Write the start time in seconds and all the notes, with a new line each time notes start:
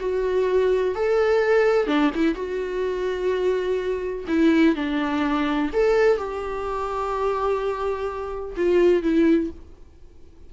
0.00 F#4
0.95 A4
1.87 D4
2.15 E4
2.35 F#4
4.28 E4
4.76 D4
5.73 A4
6.18 G4
8.56 F4
9.03 E4